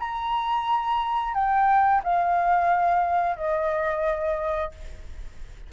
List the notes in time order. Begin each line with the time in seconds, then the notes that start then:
0.00 A#5
1.34 G5
2.04 F5
3.37 D#5